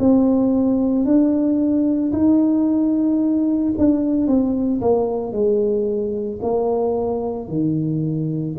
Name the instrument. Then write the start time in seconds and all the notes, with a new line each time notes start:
tuba
0.00 C4
1.06 D4
2.13 D#4
3.78 D4
4.28 C4
4.82 A#3
5.33 G#3
6.42 A#3
7.49 D#3